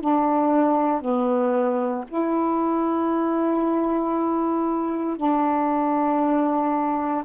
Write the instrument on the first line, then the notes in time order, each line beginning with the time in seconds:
saxophone
0.00 D4
1.01 B3
2.07 E4
5.16 D4